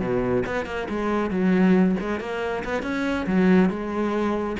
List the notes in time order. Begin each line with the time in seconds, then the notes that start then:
0.00 B2
0.46 B3
0.66 A#3
0.89 G#3
1.30 F#3
2.00 G#3
2.20 A#3
2.64 B3
2.82 C#4
3.26 F#3
3.70 G#3